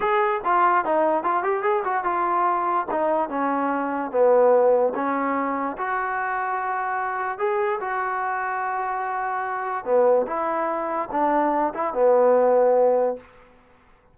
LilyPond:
\new Staff \with { instrumentName = "trombone" } { \time 4/4 \tempo 4 = 146 gis'4 f'4 dis'4 f'8 g'8 | gis'8 fis'8 f'2 dis'4 | cis'2 b2 | cis'2 fis'2~ |
fis'2 gis'4 fis'4~ | fis'1 | b4 e'2 d'4~ | d'8 e'8 b2. | }